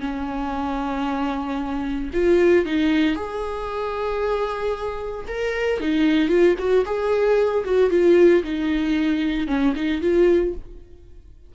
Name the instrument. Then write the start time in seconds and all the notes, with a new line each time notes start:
viola
0.00 C#4
2.14 F4
2.65 D#4
3.15 G#4
5.28 A#4
5.80 D#4
6.28 F4
6.59 F#4
6.85 G#4
7.65 F#4
7.90 F4
8.44 D#4
9.48 C#4
9.76 D#4
10.01 F4